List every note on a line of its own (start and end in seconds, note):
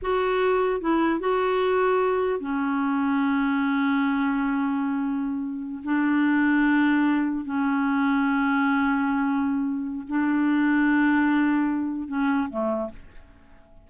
0.01 0.80 F#4
0.80 1.20 E4
1.20 2.39 F#4
2.39 5.82 C#4
5.84 7.45 D4
7.45 10.06 C#4
10.07 12.07 D4
12.07 12.48 C#4
12.49 12.89 A3